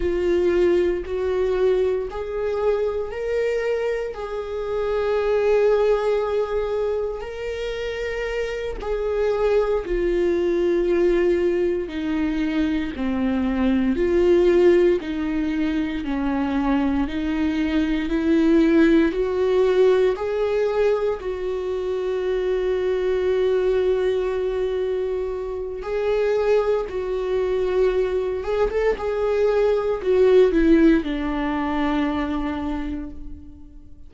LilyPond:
\new Staff \with { instrumentName = "viola" } { \time 4/4 \tempo 4 = 58 f'4 fis'4 gis'4 ais'4 | gis'2. ais'4~ | ais'8 gis'4 f'2 dis'8~ | dis'8 c'4 f'4 dis'4 cis'8~ |
cis'8 dis'4 e'4 fis'4 gis'8~ | gis'8 fis'2.~ fis'8~ | fis'4 gis'4 fis'4. gis'16 a'16 | gis'4 fis'8 e'8 d'2 | }